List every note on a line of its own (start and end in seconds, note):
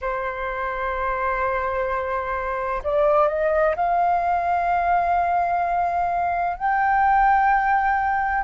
0.01 2.82 C5
2.83 3.28 D5
3.28 3.75 D#5
3.75 6.57 F5
6.57 8.43 G5